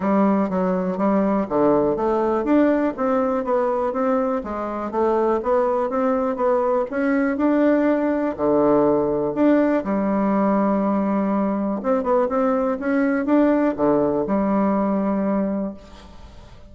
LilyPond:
\new Staff \with { instrumentName = "bassoon" } { \time 4/4 \tempo 4 = 122 g4 fis4 g4 d4 | a4 d'4 c'4 b4 | c'4 gis4 a4 b4 | c'4 b4 cis'4 d'4~ |
d'4 d2 d'4 | g1 | c'8 b8 c'4 cis'4 d'4 | d4 g2. | }